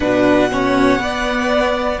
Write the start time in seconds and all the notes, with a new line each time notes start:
0.00 B2 D4 B4 F#5
0.51 C#4 C#5
0.99 B3 D5